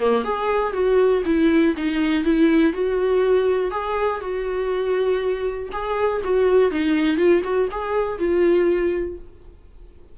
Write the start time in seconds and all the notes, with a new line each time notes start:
0.00 A#3
0.24 G#4
0.73 F#4
1.26 E4
1.77 D#4
2.24 E4
2.73 F#4
3.71 G#4
4.21 F#4
5.72 G#4
6.24 F#4
6.71 D#4
7.17 F4
7.44 F#4
7.71 G#4
8.19 F4